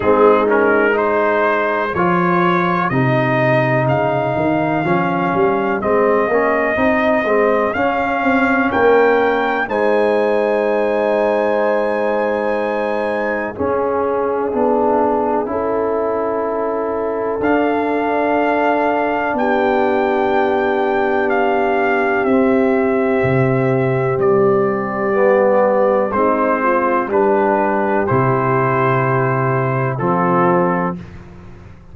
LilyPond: <<
  \new Staff \with { instrumentName = "trumpet" } { \time 4/4 \tempo 4 = 62 gis'8 ais'8 c''4 cis''4 dis''4 | f''2 dis''2 | f''4 g''4 gis''2~ | gis''2 e''2~ |
e''2 f''2 | g''2 f''4 e''4~ | e''4 d''2 c''4 | b'4 c''2 a'4 | }
  \new Staff \with { instrumentName = "horn" } { \time 4/4 dis'4 gis'2.~ | gis'1~ | gis'4 ais'4 c''2~ | c''2 gis'2 |
a'1 | g'1~ | g'2. dis'8 f'8 | g'2. f'4 | }
  \new Staff \with { instrumentName = "trombone" } { \time 4/4 c'8 cis'8 dis'4 f'4 dis'4~ | dis'4 cis'4 c'8 cis'8 dis'8 c'8 | cis'2 dis'2~ | dis'2 cis'4 d'4 |
e'2 d'2~ | d'2. c'4~ | c'2 b4 c'4 | d'4 e'2 c'4 | }
  \new Staff \with { instrumentName = "tuba" } { \time 4/4 gis2 f4 c4 | cis8 dis8 f8 g8 gis8 ais8 c'8 gis8 | cis'8 c'8 ais4 gis2~ | gis2 cis'4 b4 |
cis'2 d'2 | b2. c'4 | c4 g2 gis4 | g4 c2 f4 | }
>>